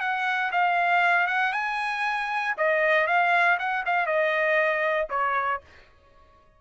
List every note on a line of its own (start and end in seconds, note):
0.00 0.51 F#5
0.52 1.27 F5
1.27 1.53 F#5
1.53 2.54 G#5
2.57 3.07 D#5
3.07 3.58 F5
3.59 3.84 F#5
3.86 4.06 F5
4.06 5.08 D#5
5.10 5.61 C#5